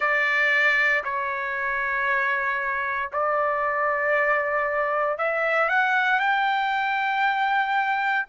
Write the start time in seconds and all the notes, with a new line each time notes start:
0.00 D5
1.03 C#5
3.12 D5
5.18 E5
5.68 F#5
6.19 G5